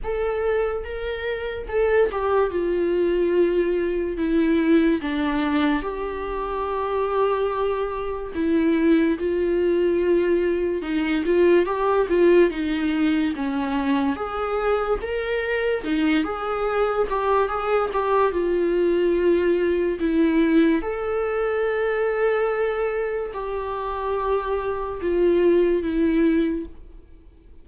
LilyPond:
\new Staff \with { instrumentName = "viola" } { \time 4/4 \tempo 4 = 72 a'4 ais'4 a'8 g'8 f'4~ | f'4 e'4 d'4 g'4~ | g'2 e'4 f'4~ | f'4 dis'8 f'8 g'8 f'8 dis'4 |
cis'4 gis'4 ais'4 dis'8 gis'8~ | gis'8 g'8 gis'8 g'8 f'2 | e'4 a'2. | g'2 f'4 e'4 | }